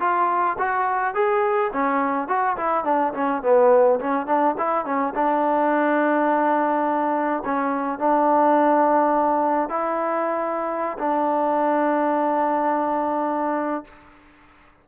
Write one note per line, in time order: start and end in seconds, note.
0.00 0.57 F4
0.59 1.15 F#4
1.15 1.72 G#4
1.73 2.28 C#4
2.28 2.57 F#4
2.57 2.85 E4
2.85 3.13 D4
3.14 3.42 C#4
3.43 4.00 B3
4.00 4.27 C#4
4.27 4.55 D4
4.58 4.85 E4
4.85 5.14 C#4
5.15 7.44 D4
7.45 7.99 C#4
7.99 9.69 D4
9.69 10.98 E4
10.99 13.84 D4